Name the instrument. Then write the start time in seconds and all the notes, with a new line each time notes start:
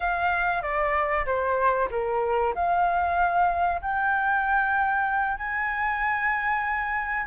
flute
0.00 F5
0.61 D5
1.25 C5
1.90 A#4
2.54 F5
3.81 G5
5.37 G#5